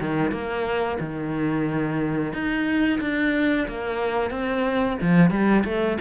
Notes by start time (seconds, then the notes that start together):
0.00 D#3
0.31 A#3
1.00 D#3
2.32 D#4
3.00 D4
3.68 A#3
4.31 C4
5.01 F3
5.30 G3
5.64 A3